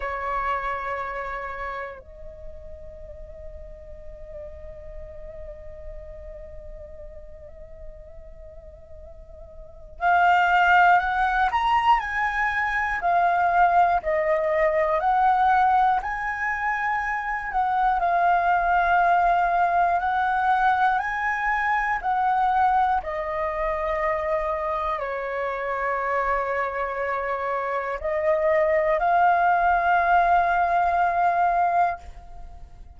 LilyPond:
\new Staff \with { instrumentName = "flute" } { \time 4/4 \tempo 4 = 60 cis''2 dis''2~ | dis''1~ | dis''2 f''4 fis''8 ais''8 | gis''4 f''4 dis''4 fis''4 |
gis''4. fis''8 f''2 | fis''4 gis''4 fis''4 dis''4~ | dis''4 cis''2. | dis''4 f''2. | }